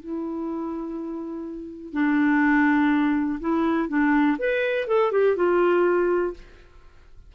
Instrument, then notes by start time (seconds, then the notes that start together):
clarinet
0.00 E4
1.93 D4
3.40 E4
3.88 D4
4.38 B4
4.87 A4
5.12 G4
5.36 F4